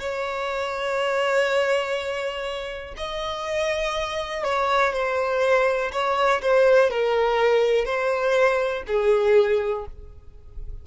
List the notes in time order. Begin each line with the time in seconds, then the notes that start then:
0.00 C#5
2.97 D#5
4.44 C#5
4.94 C5
5.93 C#5
6.42 C5
6.91 A#4
7.86 C5
8.87 G#4